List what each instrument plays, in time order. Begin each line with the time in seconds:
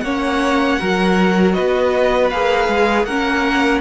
0.00 cello A#3, viola C#4, violin C#5 F#5
0.79 cello F#3, viola F#4, violin A#4
1.53 cello B3, violin B4 D#5
2.30 cello A#3, viola G#4, violin F5
2.68 cello G#3
3.04 cello A#3, viola C#4, violin A#4 F#5